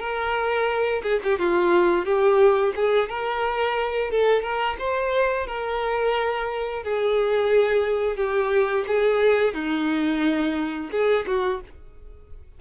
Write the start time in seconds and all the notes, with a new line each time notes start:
0.00 A#4
1.03 G#4
1.24 G4
1.39 F4
2.06 G4
2.76 G#4
3.10 A#4
4.11 A4
4.43 A#4
4.79 C5
5.47 A#4
6.84 G#4
8.17 G4
8.88 G#4
9.55 D#4
10.92 G#4
11.27 F#4